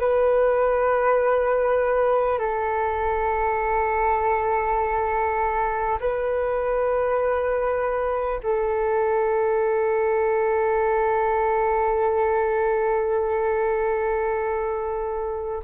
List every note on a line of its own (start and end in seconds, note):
0.00 2.39 B4
2.39 5.99 A4
6.01 8.41 B4
8.43 15.63 A4